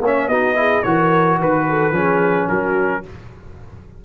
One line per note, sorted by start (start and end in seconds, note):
0.00 0.28 A#3
0.00 0.32 C#4
0.00 0.29 C#5
0.07 0.28 E5
0.28 0.83 B3
0.28 0.56 D#4
0.28 0.57 F#4
0.28 0.83 D#5
0.56 0.83 E4
0.56 0.86 G#4
0.83 1.39 E3
0.83 1.93 F#4
0.83 1.39 A#4
0.83 1.38 C#5
1.39 1.92 D#3
1.39 1.67 B4
1.39 2.49 B4
1.69 1.96 A4
1.92 2.47 F3
1.92 3.03 C#4
1.92 2.49 G#4
2.49 3.05 F#3
2.49 3.04 F#4
2.49 3.04 A#4